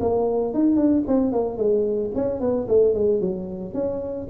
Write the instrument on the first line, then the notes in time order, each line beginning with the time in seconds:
tuba
0.00 A#3
0.54 D#4
0.76 D4
1.07 C4
1.32 A#3
1.57 G#3
2.15 C#4
2.40 B3
2.68 A3
2.94 G#3
3.20 F#3
3.74 C#4